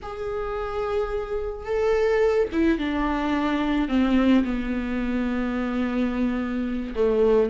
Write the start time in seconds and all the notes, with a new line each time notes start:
0.02 G#4
1.65 A4
2.52 E4
2.78 D4
3.88 C4
4.44 B3
6.95 A3